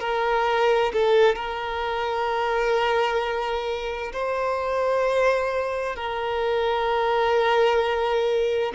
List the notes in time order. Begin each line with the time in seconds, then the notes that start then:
0.00 A#4
0.93 A4
1.36 A#4
4.13 C5
5.96 A#4